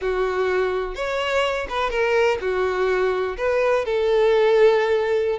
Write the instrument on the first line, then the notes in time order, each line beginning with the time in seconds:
violin
0.01 F#4
0.95 C#5
1.69 B4
1.90 A#4
2.40 F#4
3.37 B4
3.85 A4